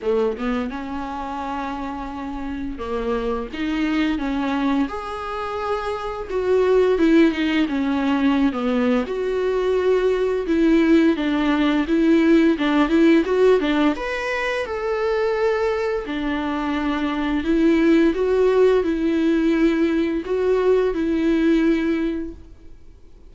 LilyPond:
\new Staff \with { instrumentName = "viola" } { \time 4/4 \tempo 4 = 86 a8 b8 cis'2. | ais4 dis'4 cis'4 gis'4~ | gis'4 fis'4 e'8 dis'8 cis'4~ | cis'16 b8. fis'2 e'4 |
d'4 e'4 d'8 e'8 fis'8 d'8 | b'4 a'2 d'4~ | d'4 e'4 fis'4 e'4~ | e'4 fis'4 e'2 | }